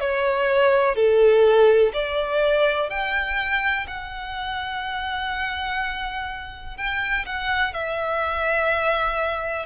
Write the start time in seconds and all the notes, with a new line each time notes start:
0.00 C#5
0.95 A4
1.93 D5
2.90 G5
3.88 F#5
6.77 G5
7.26 F#5
7.73 E5